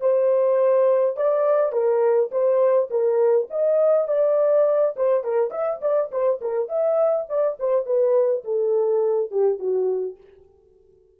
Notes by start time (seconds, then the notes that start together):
0.00 C5
1.16 D5
1.72 A#4
2.31 C5
2.90 A#4
3.50 D#5
4.08 D5
4.96 C5
5.23 A#4
5.50 E5
5.81 D5
6.11 C5
6.41 A#4
6.68 E5
7.28 D5
7.59 C5
7.85 B4
8.44 A4
9.30 G4
9.59 F#4